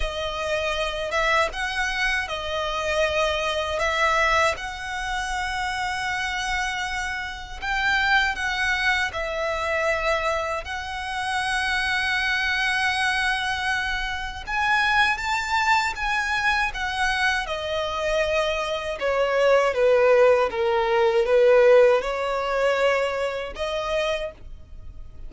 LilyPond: \new Staff \with { instrumentName = "violin" } { \time 4/4 \tempo 4 = 79 dis''4. e''8 fis''4 dis''4~ | dis''4 e''4 fis''2~ | fis''2 g''4 fis''4 | e''2 fis''2~ |
fis''2. gis''4 | a''4 gis''4 fis''4 dis''4~ | dis''4 cis''4 b'4 ais'4 | b'4 cis''2 dis''4 | }